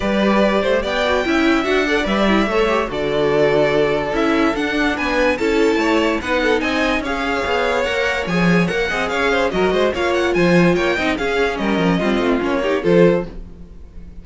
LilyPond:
<<
  \new Staff \with { instrumentName = "violin" } { \time 4/4 \tempo 4 = 145 d''2 g''2 | fis''4 e''2 d''4~ | d''2 e''4 fis''4 | gis''4 a''2 fis''4 |
gis''4 f''2 fis''4 | gis''4 fis''4 f''4 dis''4 | f''8 fis''8 gis''4 g''4 f''4 | dis''2 cis''4 c''4 | }
  \new Staff \with { instrumentName = "violin" } { \time 4/4 b'4. c''8 d''4 e''4~ | e''8 d''4. cis''4 a'4~ | a'1 | b'4 a'4 cis''4 b'8 a'8 |
dis''4 cis''2.~ | cis''4. dis''8 cis''8 c''8 ais'8 c''8 | cis''4 c''4 cis''8 dis''8 gis'4 | ais'4 f'4. g'8 a'4 | }
  \new Staff \with { instrumentName = "viola" } { \time 4/4 g'2~ g'8 fis'8 e'4 | fis'8 a'8 b'8 e'8 a'8 g'8 fis'4~ | fis'2 e'4 d'4~ | d'4 e'2 dis'4~ |
dis'4 gis'2 ais'4 | gis'4 ais'8 gis'4. fis'4 | f'2~ f'8 dis'8 cis'4~ | cis'4 c'4 cis'8 dis'8 f'4 | }
  \new Staff \with { instrumentName = "cello" } { \time 4/4 g4. a8 b4 cis'4 | d'4 g4 a4 d4~ | d2 cis'4 d'4 | b4 cis'4 a4 b4 |
c'4 cis'4 b4 ais4 | f4 ais8 c'8 cis'4 fis8 gis8 | ais4 f4 ais8 c'8 cis'4 | g8 f8 g8 a8 ais4 f4 | }
>>